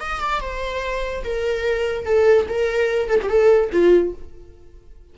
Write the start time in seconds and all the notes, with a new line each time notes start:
0.00 D#5
0.20 D5
0.40 C5
1.24 A#4
2.05 A4
2.48 A#4
3.09 A4
3.23 G4
3.29 A4
3.72 F4